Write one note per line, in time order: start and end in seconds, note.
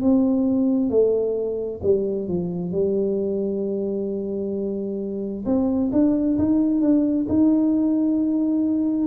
0.00 0.89 C4
0.89 1.80 A3
1.83 2.28 G3
2.28 2.71 F3
2.71 5.44 G3
5.45 5.90 C4
5.92 6.37 D4
6.38 6.81 D#4
6.81 7.26 D4
7.29 9.07 D#4